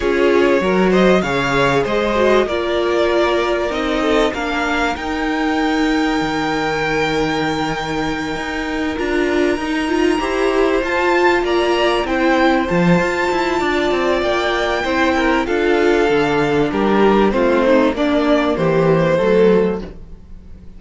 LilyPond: <<
  \new Staff \with { instrumentName = "violin" } { \time 4/4 \tempo 4 = 97 cis''4. dis''8 f''4 dis''4 | d''2 dis''4 f''4 | g''1~ | g''2~ g''8 ais''4.~ |
ais''4. a''4 ais''4 g''8~ | g''8 a''2~ a''8 g''4~ | g''4 f''2 ais'4 | c''4 d''4 c''2 | }
  \new Staff \with { instrumentName = "violin" } { \time 4/4 gis'4 ais'8 c''8 cis''4 c''4 | ais'2~ ais'8 a'8 ais'4~ | ais'1~ | ais'1~ |
ais'8 c''2 d''4 c''8~ | c''2 d''2 | c''8 ais'8 a'2 g'4 | f'8 dis'8 d'4 g'4 a'4 | }
  \new Staff \with { instrumentName = "viola" } { \time 4/4 f'4 fis'4 gis'4. fis'8 | f'2 dis'4 d'4 | dis'1~ | dis'2~ dis'8 f'4 dis'8 |
f'8 g'4 f'2 e'8~ | e'8 f'2.~ f'8 | e'4 f'4 d'2 | c'4 ais2 a4 | }
  \new Staff \with { instrumentName = "cello" } { \time 4/4 cis'4 fis4 cis4 gis4 | ais2 c'4 ais4 | dis'2 dis2~ | dis4. dis'4 d'4 dis'8~ |
dis'8 e'4 f'4 ais4 c'8~ | c'8 f8 f'8 e'8 d'8 c'8 ais4 | c'4 d'4 d4 g4 | a4 ais4 e4 fis4 | }
>>